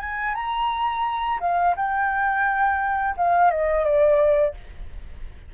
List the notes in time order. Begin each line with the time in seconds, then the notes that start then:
0.00 G#5
0.35 A#5
1.40 F5
1.76 G5
3.17 F5
3.51 D#5
3.85 D5